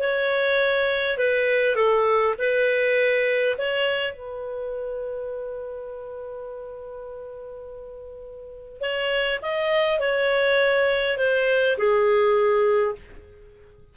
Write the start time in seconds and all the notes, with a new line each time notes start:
0.00 C#5
1.18 B4
1.76 A4
2.39 B4
3.58 C#5
4.13 B4
8.81 C#5
9.42 D#5
10.00 C#5
11.18 C5
11.78 G#4